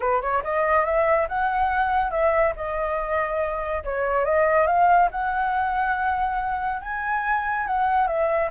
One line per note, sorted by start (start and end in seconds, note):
0.00 0.21 B4
0.21 0.43 C#5
0.43 0.85 D#5
0.85 1.27 E5
1.28 2.10 F#5
2.10 2.53 E5
2.55 3.83 D#5
3.84 4.25 C#5
4.25 4.67 D#5
4.67 5.09 F5
5.11 6.81 F#5
6.81 7.67 G#5
7.67 8.07 F#5
8.07 8.49 E5